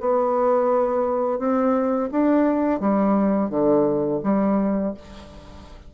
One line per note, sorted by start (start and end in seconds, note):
0.00 1.39 B3
1.39 2.09 C4
2.11 2.80 D4
2.80 3.50 G3
3.50 4.20 D3
4.23 4.94 G3